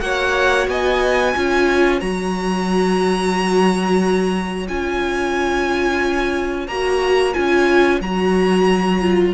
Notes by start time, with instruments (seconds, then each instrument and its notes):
0.00 cello A#3, viola F#4, violin C#5 F#5
0.67 cello B3, violin D#5 G#5
1.35 cello C#4, viola F4, violin C#5
2.00 cello F#3, viola F#4, violin A#5
4.67 cello C#4, viola F4, violin G#5
6.67 cello A#3, viola F#4, violin A#5
7.33 cello C#4, viola F4, violin G#5
8.00 cello F#3, viola F#4, violin A#5
9.01 viola F4